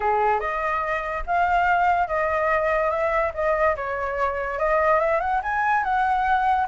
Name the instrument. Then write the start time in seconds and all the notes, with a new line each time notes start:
flute
0.00 G#4
0.40 D#5
1.26 F5
2.07 D#5
2.90 E5
3.34 D#5
3.75 C#5
4.59 D#5
4.99 E5
5.20 F#5
5.43 G#5
5.83 F#5